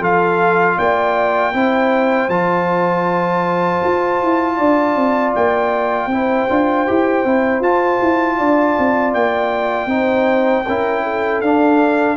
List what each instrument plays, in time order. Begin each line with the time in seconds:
0.00 tuba F3, trombone F4, horn A4, trumpet F5
0.77 tuba A#3, horn D5, trumpet G5
1.54 tuba C4, trombone E4, horn C5
2.28 tuba F3, trombone F4, trumpet A5
3.84 tuba F4
4.22 tuba E4
4.56 tuba D4, horn D5
4.95 tuba C4
5.35 tuba A#3, trumpet G5
6.07 tuba C4, trombone E4, horn C5
6.49 tuba D4, trombone F4
6.87 tuba E4, trombone G4
7.25 tuba C4, trombone E4
7.60 tuba F4, trombone F4, trumpet A5
8.02 tuba E4
8.37 tuba D4, horn D5
8.79 tuba C4
9.14 tuba A#3, trumpet G5
9.86 tuba C4, trombone D#4, horn C5
10.65 tuba C#4, trombone E4, horn A#4
11.03 horn A4
11.41 tuba D4, trombone D4, trumpet F5